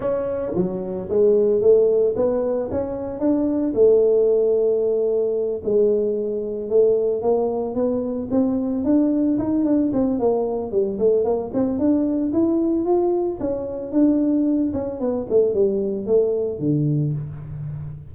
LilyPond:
\new Staff \with { instrumentName = "tuba" } { \time 4/4 \tempo 4 = 112 cis'4 fis4 gis4 a4 | b4 cis'4 d'4 a4~ | a2~ a8 gis4.~ | gis8 a4 ais4 b4 c'8~ |
c'8 d'4 dis'8 d'8 c'8 ais4 | g8 a8 ais8 c'8 d'4 e'4 | f'4 cis'4 d'4. cis'8 | b8 a8 g4 a4 d4 | }